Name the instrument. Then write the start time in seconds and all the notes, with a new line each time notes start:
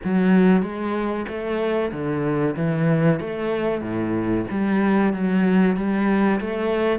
cello
0.04 F#3
0.62 G#3
1.28 A3
1.91 D3
2.56 E3
3.20 A3
3.81 A2
4.50 G3
5.13 F#3
5.76 G3
6.40 A3